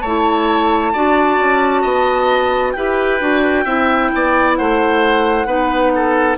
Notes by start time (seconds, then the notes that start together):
0.00 A3 C#5 A5
0.06 E4
0.93 D4 F#4 D5
1.38 C#4
1.81 B3 D#5
2.71 E4 G4 B4 G5
3.20 D4 F#4
3.64 C4 E4 E5
4.13 B3 D5
4.56 A3 C5 F#5
5.46 B3 D#4 B4
5.95 A4